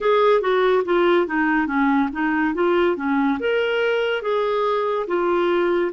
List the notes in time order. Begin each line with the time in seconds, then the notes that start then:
0.00 G#4
0.41 F#4
0.85 F4
1.26 D#4
1.67 C#4
2.12 D#4
2.54 F4
2.96 C#4
3.39 A#4
4.22 G#4
5.07 F4